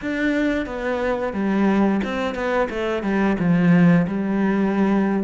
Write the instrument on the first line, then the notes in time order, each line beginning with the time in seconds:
cello
0.01 D4
0.66 B3
1.33 G3
2.04 C4
2.34 B3
2.69 A3
3.02 G3
3.39 F3
4.07 G3